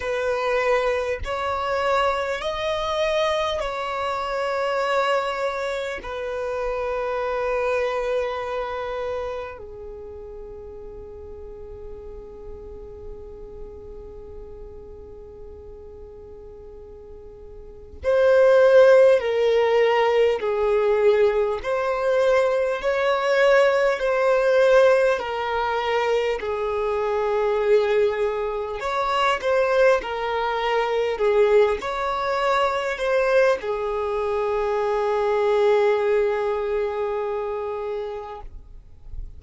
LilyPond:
\new Staff \with { instrumentName = "violin" } { \time 4/4 \tempo 4 = 50 b'4 cis''4 dis''4 cis''4~ | cis''4 b'2. | gis'1~ | gis'2. c''4 |
ais'4 gis'4 c''4 cis''4 | c''4 ais'4 gis'2 | cis''8 c''8 ais'4 gis'8 cis''4 c''8 | gis'1 | }